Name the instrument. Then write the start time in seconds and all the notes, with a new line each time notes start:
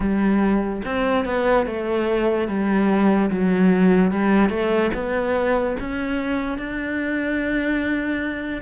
cello
0.00 G3
0.84 C4
1.25 B3
1.66 A3
2.47 G3
3.30 F#3
4.11 G3
4.49 A3
4.94 B3
5.80 C#4
6.58 D4